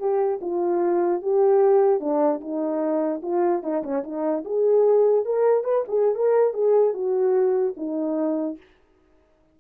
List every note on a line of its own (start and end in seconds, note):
0.00 0.40 G4
0.42 1.22 F4
1.23 2.00 G4
2.00 2.41 D4
2.41 3.22 D#4
3.23 3.63 F4
3.63 3.83 D#4
3.84 4.04 C#4
4.04 4.45 D#4
4.45 5.26 G#4
5.26 5.65 A#4
5.65 5.85 B4
5.88 6.16 G#4
6.16 6.54 A#4
6.54 6.94 G#4
6.94 7.75 F#4
7.77 8.58 D#4